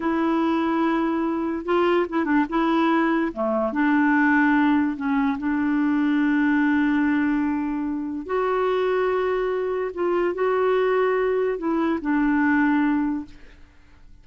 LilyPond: \new Staff \with { instrumentName = "clarinet" } { \time 4/4 \tempo 4 = 145 e'1 | f'4 e'8 d'8 e'2 | a4 d'2. | cis'4 d'2.~ |
d'1 | fis'1 | f'4 fis'2. | e'4 d'2. | }